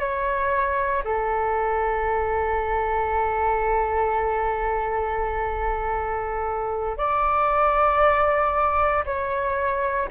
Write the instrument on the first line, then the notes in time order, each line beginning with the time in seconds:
flute
0.00 C#5
1.04 A4
6.97 D5
9.06 C#5